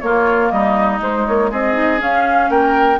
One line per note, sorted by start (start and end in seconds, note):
0.00 0.99 A#3
0.00 0.52 A#3
0.00 0.52 F4
0.00 0.50 C#5
0.50 1.00 G3
0.50 1.51 D#4
0.50 0.99 D#5
0.99 1.72 G#3
0.99 1.25 G#3
0.99 1.26 C5
1.26 1.51 A#3
1.26 1.51 C#5
1.51 2.01 C4
1.51 2.50 G#4
1.51 2.01 D#5
1.72 1.97 D#4
1.97 2.96 C#4
1.97 2.49 C#4
1.97 2.50 F5
2.49 2.99 A#3
2.49 2.99 A#4
2.49 2.99 G5